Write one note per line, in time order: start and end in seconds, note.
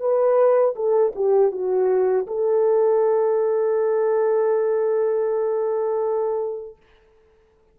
0.00 0.75 B4
0.75 1.13 A4
1.15 1.51 G4
1.51 2.26 F#4
2.27 6.77 A4